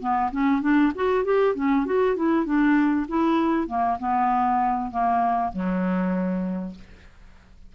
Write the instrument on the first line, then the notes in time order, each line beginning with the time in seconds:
clarinet
0.00 B3
0.31 C#4
0.62 D4
0.95 F#4
1.25 G4
1.55 C#4
1.86 F#4
2.16 E4
2.45 D4
3.08 E4
3.67 A#3
3.99 B3
4.91 A#3
5.53 F#3